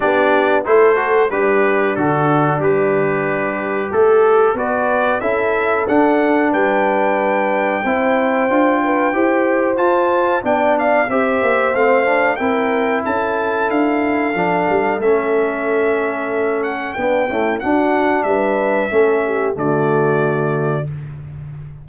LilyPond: <<
  \new Staff \with { instrumentName = "trumpet" } { \time 4/4 \tempo 4 = 92 d''4 c''4 b'4 a'4 | b'2 a'4 d''4 | e''4 fis''4 g''2~ | g''2. a''4 |
g''8 f''8 e''4 f''4 g''4 | a''4 f''2 e''4~ | e''4. fis''8 g''4 fis''4 | e''2 d''2 | }
  \new Staff \with { instrumentName = "horn" } { \time 4/4 g'4 a'4 d'2~ | d'2 a'4 b'4 | a'2 b'2 | c''4. b'8 c''2 |
d''4 c''2 ais'4 | a'1~ | a'2 d'8 e'8 fis'4 | b'4 a'8 g'8 fis'2 | }
  \new Staff \with { instrumentName = "trombone" } { \time 4/4 d'4 e'8 fis'8 g'4 fis'4 | g'2. fis'4 | e'4 d'2. | e'4 f'4 g'4 f'4 |
d'4 g'4 c'8 d'8 e'4~ | e'2 d'4 cis'4~ | cis'2 b8 a8 d'4~ | d'4 cis'4 a2 | }
  \new Staff \with { instrumentName = "tuba" } { \time 4/4 b4 a4 g4 d4 | g2 a4 b4 | cis'4 d'4 g2 | c'4 d'4 e'4 f'4 |
b4 c'8 ais8 a4 c'4 | cis'4 d'4 f8 g8 a4~ | a2 b8 cis'8 d'4 | g4 a4 d2 | }
>>